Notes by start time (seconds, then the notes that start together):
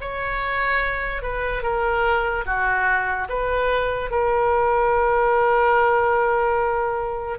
0.00 C#5
1.22 B4
1.62 A#4
2.45 F#4
3.29 B4
4.10 A#4